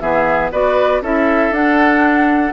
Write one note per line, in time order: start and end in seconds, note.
0.00 0.51 E3
0.00 0.52 B3
0.00 0.51 G#4
0.00 0.50 E5
0.51 1.01 B3
0.51 1.02 F#4
0.51 1.02 B4
0.51 1.02 D5
1.01 1.50 C#4
1.01 1.53 E4
1.01 2.53 A4
1.01 1.53 E5
1.50 2.51 D4
1.50 2.53 D4
1.50 2.53 F#5